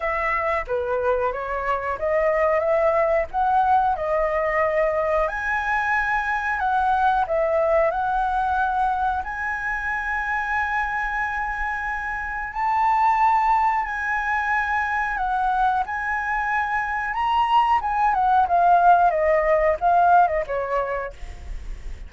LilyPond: \new Staff \with { instrumentName = "flute" } { \time 4/4 \tempo 4 = 91 e''4 b'4 cis''4 dis''4 | e''4 fis''4 dis''2 | gis''2 fis''4 e''4 | fis''2 gis''2~ |
gis''2. a''4~ | a''4 gis''2 fis''4 | gis''2 ais''4 gis''8 fis''8 | f''4 dis''4 f''8. dis''16 cis''4 | }